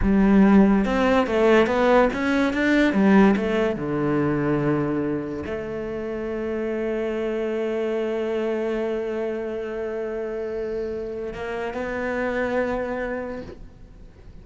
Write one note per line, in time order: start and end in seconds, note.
0.02 0.85 G3
0.85 1.26 C4
1.26 1.66 A3
1.66 2.08 B3
2.13 2.53 C#4
2.53 2.93 D4
2.93 3.35 G3
3.36 3.76 A3
3.76 5.43 D3
5.46 11.33 A3
11.33 11.73 A#3
11.73 13.41 B3